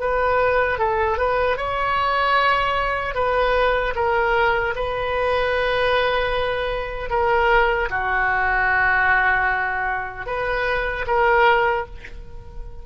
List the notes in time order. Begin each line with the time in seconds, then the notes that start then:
0.00 B4
0.79 A4
1.18 B4
1.58 C#5
3.15 B4
3.95 A#4
4.75 B4
7.10 A#4
7.90 F#4
10.27 B4
11.07 A#4